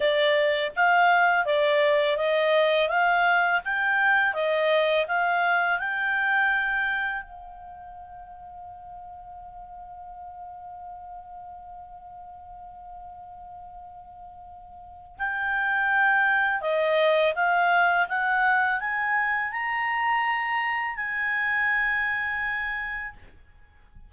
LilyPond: \new Staff \with { instrumentName = "clarinet" } { \time 4/4 \tempo 4 = 83 d''4 f''4 d''4 dis''4 | f''4 g''4 dis''4 f''4 | g''2 f''2~ | f''1~ |
f''1~ | f''4 g''2 dis''4 | f''4 fis''4 gis''4 ais''4~ | ais''4 gis''2. | }